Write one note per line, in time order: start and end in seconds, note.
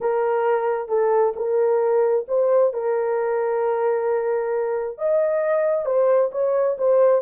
0.00 0.88 A#4
0.88 1.33 A4
1.35 2.26 A#4
2.28 2.73 C5
2.73 4.97 A#4
4.97 5.85 D#5
5.85 6.30 C5
6.31 6.76 C#5
6.78 7.22 C5